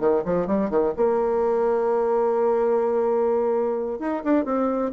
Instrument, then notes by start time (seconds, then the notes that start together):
bassoon
0.00 D#3
0.25 F3
0.47 G3
0.70 D#3
0.97 A#3
4.00 D#4
4.24 D4
4.45 C4